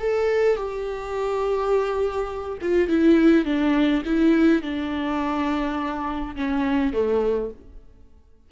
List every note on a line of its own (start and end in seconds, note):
0.00 0.56 A4
0.56 2.58 G4
2.61 2.89 F4
2.89 3.45 E4
3.45 4.03 D4
4.05 4.62 E4
4.62 6.35 D4
6.36 6.93 C#4
6.93 7.51 A3